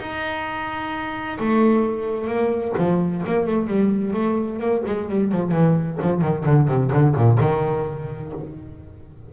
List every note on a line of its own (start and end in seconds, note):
0.00 1.38 D#4
1.40 2.27 A3
2.27 2.74 A#3
2.78 3.24 F3
3.26 3.47 A#3
3.47 3.67 A3
3.67 4.13 G3
4.13 4.60 A3
4.60 4.83 A#3
4.87 5.09 G#3
5.09 5.32 G3
5.32 5.52 F3
5.52 5.98 E3
6.02 6.22 F3
6.22 6.45 D#3
6.46 6.68 D3
6.68 6.91 C3
6.93 7.16 D3
7.16 7.39 A#2
7.41 8.33 D#3